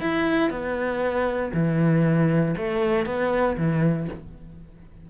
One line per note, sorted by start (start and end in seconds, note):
0.00 0.50 E4
0.50 1.51 B3
1.53 2.54 E3
2.57 3.05 A3
3.05 3.56 B3
3.57 4.08 E3